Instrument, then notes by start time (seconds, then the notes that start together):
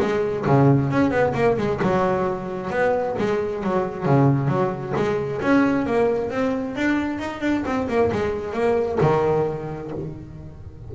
double bass
0.00 G#3
0.46 C#3
0.91 C#4
1.11 B3
1.34 A#3
1.57 G#3
1.82 F#3
2.70 B3
3.18 G#3
3.63 F#3
4.05 C#3
4.48 F#3
4.96 G#3
5.41 C#4
5.86 A#3
6.30 C4
6.75 D4
7.19 D#4
7.41 D4
7.65 C4
7.88 A#3
8.12 G#3
8.53 A#3
9.01 D#3